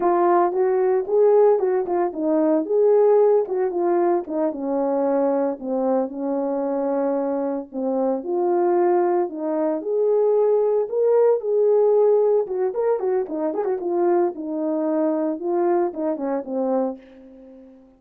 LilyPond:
\new Staff \with { instrumentName = "horn" } { \time 4/4 \tempo 4 = 113 f'4 fis'4 gis'4 fis'8 f'8 | dis'4 gis'4. fis'8 f'4 | dis'8 cis'2 c'4 cis'8~ | cis'2~ cis'8 c'4 f'8~ |
f'4. dis'4 gis'4.~ | gis'8 ais'4 gis'2 fis'8 | ais'8 fis'8 dis'8 gis'16 fis'16 f'4 dis'4~ | dis'4 f'4 dis'8 cis'8 c'4 | }